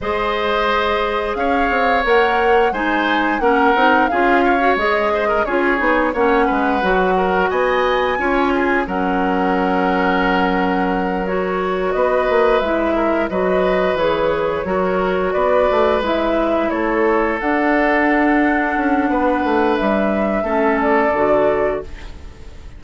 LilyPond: <<
  \new Staff \with { instrumentName = "flute" } { \time 4/4 \tempo 4 = 88 dis''2 f''4 fis''4 | gis''4 fis''4 f''4 dis''4 | cis''4 fis''2 gis''4~ | gis''4 fis''2.~ |
fis''8 cis''4 dis''4 e''4 dis''8~ | dis''8 cis''2 d''4 e''8~ | e''8 cis''4 fis''2~ fis''8~ | fis''4 e''4. d''4. | }
  \new Staff \with { instrumentName = "oboe" } { \time 4/4 c''2 cis''2 | c''4 ais'4 gis'8 cis''4 c''16 ais'16 | gis'4 cis''8 b'4 ais'8 dis''4 | cis''8 gis'8 ais'2.~ |
ais'4. b'4. ais'8 b'8~ | b'4. ais'4 b'4.~ | b'8 a'2.~ a'8 | b'2 a'2 | }
  \new Staff \with { instrumentName = "clarinet" } { \time 4/4 gis'2. ais'4 | dis'4 cis'8 dis'8 f'8. fis'16 gis'4 | f'8 dis'8 cis'4 fis'2 | f'4 cis'2.~ |
cis'8 fis'2 e'4 fis'8~ | fis'8 gis'4 fis'2 e'8~ | e'4. d'2~ d'8~ | d'2 cis'4 fis'4 | }
  \new Staff \with { instrumentName = "bassoon" } { \time 4/4 gis2 cis'8 c'8 ais4 | gis4 ais8 c'8 cis'4 gis4 | cis'8 b8 ais8 gis8 fis4 b4 | cis'4 fis2.~ |
fis4. b8 ais8 gis4 fis8~ | fis8 e4 fis4 b8 a8 gis8~ | gis8 a4 d'2 cis'8 | b8 a8 g4 a4 d4 | }
>>